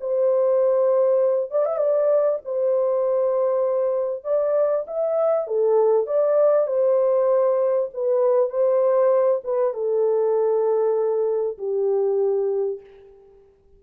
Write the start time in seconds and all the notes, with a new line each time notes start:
0.00 C5
1.51 D5
1.65 E5
1.77 D5
2.44 C5
4.24 D5
4.87 E5
5.47 A4
6.06 D5
6.67 C5
7.93 B4
8.49 C5
9.43 B4
9.73 A4
11.58 G4